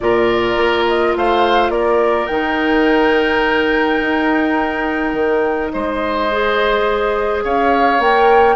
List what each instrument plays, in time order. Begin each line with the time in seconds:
0.00 bassoon A#2, clarinet F4, oboe A#4, flute D5
0.56 bassoon A#3
0.87 flute D#5
1.16 bassoon A3, oboe C5, flute F5
1.69 bassoon A#3, oboe A#4, flute D5
2.26 bassoon D#3, clarinet D#4, flute G5
4.01 bassoon D#4
5.13 bassoon D#3
5.71 bassoon G#3, oboe C5, flute D#5
6.31 clarinet G#4
7.43 bassoon C#4, oboe C#5, flute F5
7.99 bassoon A#3, clarinet A#4, flute G5